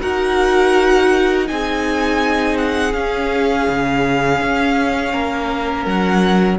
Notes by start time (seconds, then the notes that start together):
0.00 D#4 F#4 A#4 F#5
1.45 C4 D#4 G#4 G#5
2.57 F#5
2.93 C#4 F5
3.69 C#3
4.41 C#4
5.12 A#3 A#4
5.86 F#3 F#5